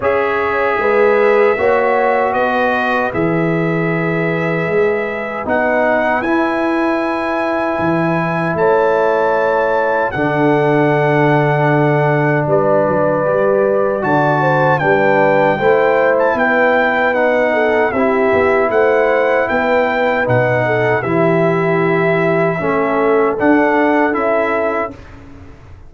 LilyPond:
<<
  \new Staff \with { instrumentName = "trumpet" } { \time 4/4 \tempo 4 = 77 e''2. dis''4 | e''2. fis''4 | gis''2. a''4~ | a''4 fis''2. |
d''2 a''4 g''4~ | g''8. a''16 g''4 fis''4 e''4 | fis''4 g''4 fis''4 e''4~ | e''2 fis''4 e''4 | }
  \new Staff \with { instrumentName = "horn" } { \time 4/4 cis''4 b'4 cis''4 b'4~ | b'1~ | b'2. cis''4~ | cis''4 a'2. |
b'2 d''8 c''8 b'4 | c''4 b'4. a'8 g'4 | c''4 b'4. a'8 g'4~ | g'4 a'2. | }
  \new Staff \with { instrumentName = "trombone" } { \time 4/4 gis'2 fis'2 | gis'2. dis'4 | e'1~ | e'4 d'2.~ |
d'4 g'4 fis'4 d'4 | e'2 dis'4 e'4~ | e'2 dis'4 e'4~ | e'4 cis'4 d'4 e'4 | }
  \new Staff \with { instrumentName = "tuba" } { \time 4/4 cis'4 gis4 ais4 b4 | e2 gis4 b4 | e'2 e4 a4~ | a4 d2. |
g8 fis8 g4 d4 g4 | a4 b2 c'8 b8 | a4 b4 b,4 e4~ | e4 a4 d'4 cis'4 | }
>>